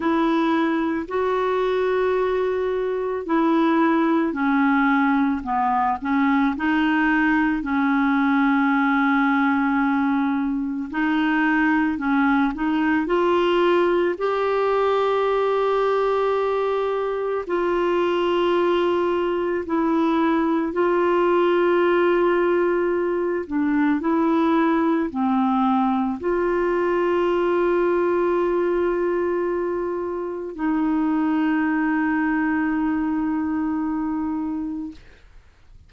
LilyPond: \new Staff \with { instrumentName = "clarinet" } { \time 4/4 \tempo 4 = 55 e'4 fis'2 e'4 | cis'4 b8 cis'8 dis'4 cis'4~ | cis'2 dis'4 cis'8 dis'8 | f'4 g'2. |
f'2 e'4 f'4~ | f'4. d'8 e'4 c'4 | f'1 | dis'1 | }